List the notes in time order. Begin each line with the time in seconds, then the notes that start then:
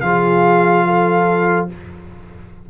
0.00 F3 F4 G#4 F5
0.86 A4